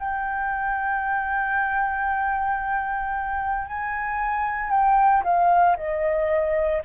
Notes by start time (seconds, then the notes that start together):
0.00 G5
3.68 G#5
4.71 G5
5.24 F5
5.78 D#5